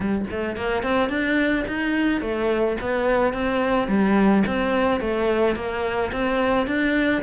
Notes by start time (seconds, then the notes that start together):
0.00 G3
0.30 A3
0.56 A#3
0.82 C4
1.09 D4
1.67 D#4
2.21 A3
2.80 B3
3.33 C4
3.87 G3
4.46 C4
5.00 A3
5.55 A#3
6.11 C4
6.66 D4